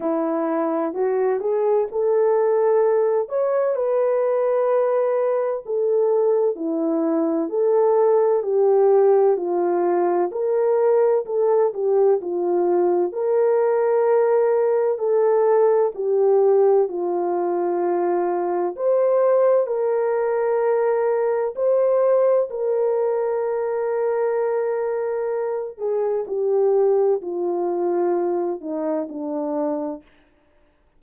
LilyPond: \new Staff \with { instrumentName = "horn" } { \time 4/4 \tempo 4 = 64 e'4 fis'8 gis'8 a'4. cis''8 | b'2 a'4 e'4 | a'4 g'4 f'4 ais'4 | a'8 g'8 f'4 ais'2 |
a'4 g'4 f'2 | c''4 ais'2 c''4 | ais'2.~ ais'8 gis'8 | g'4 f'4. dis'8 d'4 | }